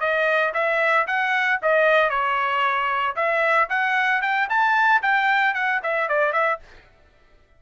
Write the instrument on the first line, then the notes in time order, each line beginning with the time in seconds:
trumpet
0.00 D#5
0.54 E5
1.07 F#5
1.62 D#5
2.10 C#5
3.16 E5
3.69 F#5
4.22 G5
4.49 A5
5.02 G5
5.54 F#5
5.83 E5
6.08 D5
6.33 E5